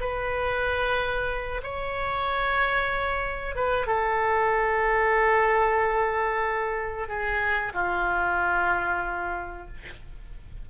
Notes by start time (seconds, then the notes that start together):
0.00 B4
1.63 C#5
3.55 B4
3.87 A4
7.08 G#4
7.74 F4